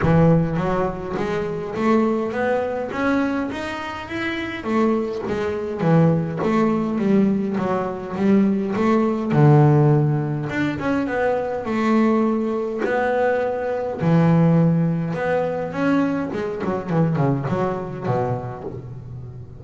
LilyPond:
\new Staff \with { instrumentName = "double bass" } { \time 4/4 \tempo 4 = 103 e4 fis4 gis4 a4 | b4 cis'4 dis'4 e'4 | a4 gis4 e4 a4 | g4 fis4 g4 a4 |
d2 d'8 cis'8 b4 | a2 b2 | e2 b4 cis'4 | gis8 fis8 e8 cis8 fis4 b,4 | }